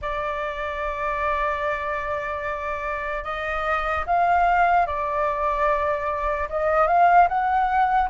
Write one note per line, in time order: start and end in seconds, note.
0.01 3.24 D5
3.24 4.05 D#5
4.06 4.86 F5
4.86 6.48 D5
6.49 6.87 D#5
6.87 7.28 F5
7.28 8.09 F#5